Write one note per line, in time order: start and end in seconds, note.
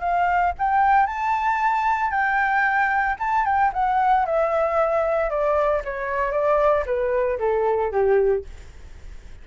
0.00 0.53 F5
0.58 1.07 G5
1.07 2.11 A5
2.11 3.16 G5
3.19 3.45 A5
3.45 3.72 G5
3.73 4.26 F#5
4.26 5.30 E5
5.30 5.83 D5
5.84 6.32 C#5
6.32 6.84 D5
6.86 7.39 B4
7.39 7.92 A4
7.92 8.44 G4